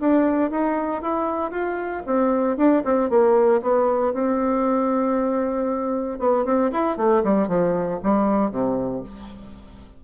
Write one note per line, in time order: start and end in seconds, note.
0.00 0.50 D4
0.50 1.02 D#4
1.02 1.51 E4
1.51 2.03 F4
2.06 2.57 C4
2.57 2.83 D4
2.84 3.10 C4
3.10 3.61 A#3
3.62 4.13 B3
4.13 6.19 C4
6.19 6.45 B3
6.45 6.71 C4
6.72 6.97 E4
6.97 7.23 A3
7.24 7.48 G3
7.48 8.00 F3
8.03 8.51 G3
8.51 9.03 C3